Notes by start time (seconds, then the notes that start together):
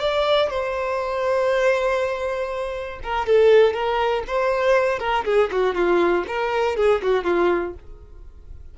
0.00 D5
0.50 C5
3.03 A#4
3.26 A4
3.73 A#4
4.27 C5
4.99 A#4
5.25 G#4
5.51 F#4
5.75 F4
6.27 A#4
6.76 G#4
7.02 F#4
7.24 F4